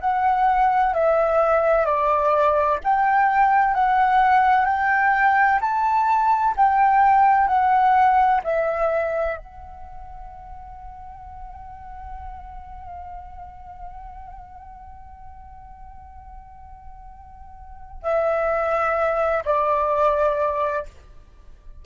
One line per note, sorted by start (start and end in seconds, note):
0.00 0.93 F#5
0.93 1.85 E5
1.85 2.79 D5
2.83 3.74 G5
3.74 4.65 F#5
4.65 5.59 G5
5.61 6.55 A5
6.56 7.47 G5
7.47 8.41 F#5
8.44 9.37 E5
9.37 18.03 F#5
18.03 19.43 E5
19.44 20.85 D5